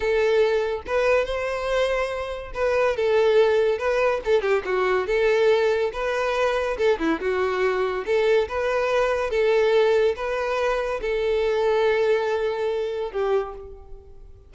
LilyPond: \new Staff \with { instrumentName = "violin" } { \time 4/4 \tempo 4 = 142 a'2 b'4 c''4~ | c''2 b'4 a'4~ | a'4 b'4 a'8 g'8 fis'4 | a'2 b'2 |
a'8 e'8 fis'2 a'4 | b'2 a'2 | b'2 a'2~ | a'2. g'4 | }